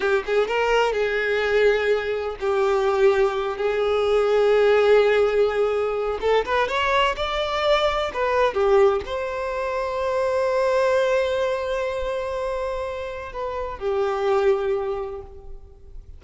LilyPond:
\new Staff \with { instrumentName = "violin" } { \time 4/4 \tempo 4 = 126 g'8 gis'8 ais'4 gis'2~ | gis'4 g'2~ g'8 gis'8~ | gis'1~ | gis'4 a'8 b'8 cis''4 d''4~ |
d''4 b'4 g'4 c''4~ | c''1~ | c''1 | b'4 g'2. | }